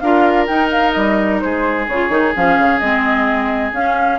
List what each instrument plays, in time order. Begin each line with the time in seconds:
0.00 bassoon D4, clarinet F4, oboe A#4, flute F5
0.47 clarinet D#4, bassoon D#4, flute G5
0.72 flute F5
0.93 bassoon G3, flute D#5
1.40 bassoon G#3, oboe G#4, flute C5
1.88 bassoon C#3, clarinet F4, flute C#5
2.10 bassoon D#3, clarinet D#4
2.35 bassoon F3, clarinet C#4, flute F5
2.59 bassoon C#3
2.79 bassoon G#3, clarinet C4, flute D#5
3.73 bassoon C#4, clarinet C#4, flute F5